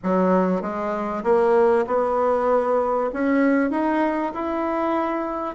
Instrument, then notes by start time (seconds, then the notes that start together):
bassoon
0.03 F#3
0.61 G#3
1.23 A#3
1.86 B3
3.13 C#4
3.70 D#4
4.34 E4